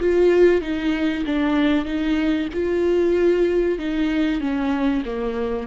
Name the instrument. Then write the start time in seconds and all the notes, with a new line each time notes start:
viola
0.00 F4
0.61 D#4
1.25 D4
1.85 D#4
2.53 F4
3.78 D#4
4.40 C#4
5.05 A#3